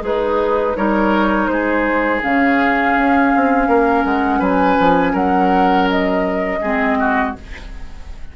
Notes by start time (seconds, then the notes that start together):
0.00 G#3 D#4 G#4 B4
0.76 G3 D#4 A#4 C#5
1.47 G#3 G#4 C5
2.21 C#3 C#4 F5
2.96 C#4
3.36 C4
3.68 A#3 A#4
4.05 G#3 F#5
4.39 F#3 B4 G#5
4.79 F3
5.12 F#3 A#4 F#5
5.89 D#5
6.61 G#3 C4 G#4
6.99 F#4